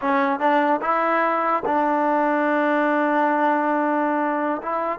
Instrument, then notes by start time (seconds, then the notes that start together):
trombone
0.01 C#4
0.39 D4
0.81 E4
1.65 D4
4.62 E4